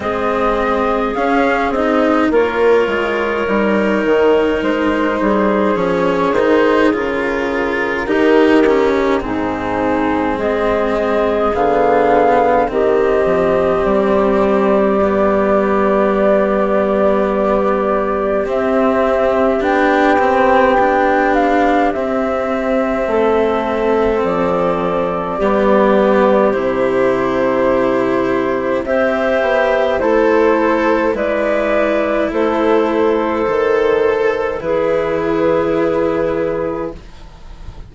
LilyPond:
<<
  \new Staff \with { instrumentName = "flute" } { \time 4/4 \tempo 4 = 52 dis''4 f''8 dis''8 cis''2 | c''4 cis''8 c''8 ais'2 | gis'4 dis''4 f''4 dis''4 | d''1 |
e''4 g''4. f''8 e''4~ | e''4 d''2 c''4~ | c''4 e''4 c''4 d''4 | c''2 b'2 | }
  \new Staff \with { instrumentName = "clarinet" } { \time 4/4 gis'2 ais'2~ | ais'8 gis'2~ gis'8 g'4 | dis'4 gis'2 g'4~ | g'1~ |
g'1 | a'2 g'2~ | g'4 c''4 e'4 b'4 | a'2 gis'2 | }
  \new Staff \with { instrumentName = "cello" } { \time 4/4 c'4 cis'8 dis'8 f'4 dis'4~ | dis'4 cis'8 dis'8 f'4 dis'8 cis'8 | c'2 b4 c'4~ | c'4 b2. |
c'4 d'8 c'8 d'4 c'4~ | c'2 b4 e'4~ | e'4 g'4 a'4 e'4~ | e'4 a'4 e'2 | }
  \new Staff \with { instrumentName = "bassoon" } { \time 4/4 gis4 cis'8 c'8 ais8 gis8 g8 dis8 | gis8 g8 f8 dis8 cis4 dis4 | gis,4 gis4 d4 dis8 f8 | g1 |
c'4 b2 c'4 | a4 f4 g4 c4~ | c4 c'8 b8 a4 gis4 | a4 dis4 e2 | }
>>